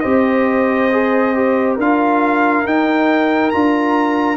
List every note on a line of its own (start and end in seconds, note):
0.00 1.77 C4
0.00 0.90 G4
0.00 1.76 C5
0.00 1.74 D#5
0.92 1.35 G#4
1.35 1.78 G4
1.76 2.64 D4
1.76 2.66 F4
1.76 4.37 A#4
1.76 2.67 F5
2.65 3.52 D#4
2.65 3.53 D#4
2.65 3.50 G5
3.50 4.37 D4
3.50 4.37 F4
3.50 4.37 A#5